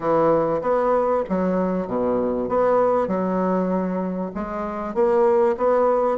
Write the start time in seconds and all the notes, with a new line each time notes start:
0.00 E3
0.61 B3
1.28 F#3
1.87 B2
2.49 B3
3.07 F#3
4.35 G#3
4.94 A#3
5.57 B3